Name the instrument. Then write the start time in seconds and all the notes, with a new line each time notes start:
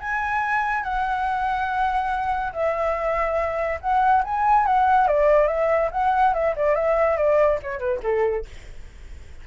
flute
0.00 G#5
0.84 F#5
2.53 E5
3.81 F#5
4.25 G#5
4.67 F#5
5.08 D5
5.48 E5
5.92 F#5
6.34 E5
6.56 D5
6.75 E5
7.17 D5
7.63 C#5
7.79 B4
8.03 A4